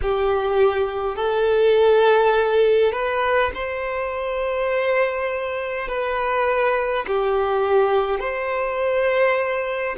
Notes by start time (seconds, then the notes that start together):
0.02 G4
1.16 A4
2.92 B4
3.54 C5
5.88 B4
7.06 G4
8.19 C5